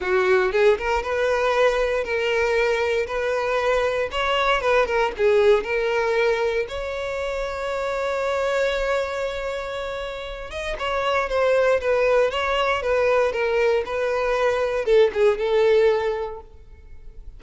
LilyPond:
\new Staff \with { instrumentName = "violin" } { \time 4/4 \tempo 4 = 117 fis'4 gis'8 ais'8 b'2 | ais'2 b'2 | cis''4 b'8 ais'8 gis'4 ais'4~ | ais'4 cis''2.~ |
cis''1~ | cis''8 dis''8 cis''4 c''4 b'4 | cis''4 b'4 ais'4 b'4~ | b'4 a'8 gis'8 a'2 | }